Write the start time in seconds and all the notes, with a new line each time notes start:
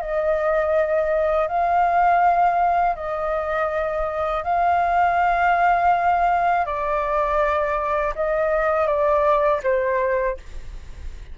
0.00 D#5
1.47 F5
2.95 D#5
4.43 F5
6.65 D5
8.15 D#5
8.86 D5
9.63 C5